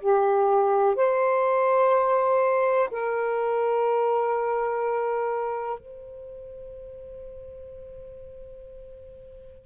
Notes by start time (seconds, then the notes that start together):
0.00 G4
0.95 C5
2.91 A#4
5.79 C5